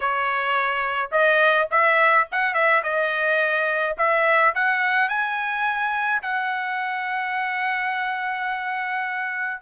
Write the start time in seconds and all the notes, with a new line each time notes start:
0.00 C#5
1.11 D#5
1.70 E5
2.31 F#5
2.53 E5
2.83 D#5
3.97 E5
4.54 F#5
5.08 G#5
6.22 F#5